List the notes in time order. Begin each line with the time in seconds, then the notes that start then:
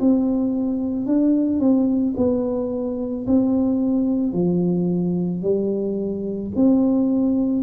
0.00 C4
1.07 D4
1.60 C4
2.17 B3
3.27 C4
4.33 F3
5.42 G3
6.56 C4